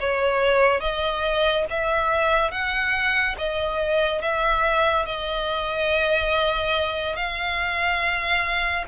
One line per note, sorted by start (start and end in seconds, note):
0.00 0.81 C#5
0.81 1.65 D#5
1.70 2.51 E5
2.51 3.36 F#5
3.38 4.22 D#5
4.22 5.06 E5
5.06 7.16 D#5
7.16 8.85 F5